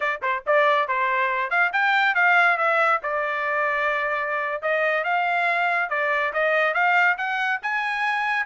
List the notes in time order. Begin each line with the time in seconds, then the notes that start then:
0.00 D5
0.22 C5
0.46 D5
0.87 C5
1.50 F5
1.72 G5
2.14 F5
2.57 E5
3.03 D5
4.62 D#5
5.04 F5
5.89 D5
6.33 D#5
6.74 F5
7.17 F#5
7.62 G#5